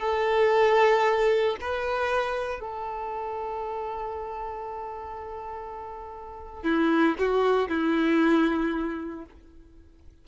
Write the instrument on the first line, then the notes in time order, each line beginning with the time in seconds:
violin
0.00 A4
1.61 B4
2.60 A4
6.63 E4
7.19 F#4
7.69 E4